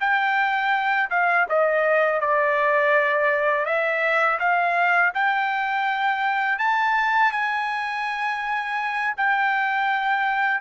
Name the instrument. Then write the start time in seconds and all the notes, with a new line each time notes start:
trumpet
0.00 G5
1.10 F5
1.49 D#5
2.21 D5
3.65 E5
4.39 F5
5.14 G5
6.59 A5
7.32 G#5
9.17 G5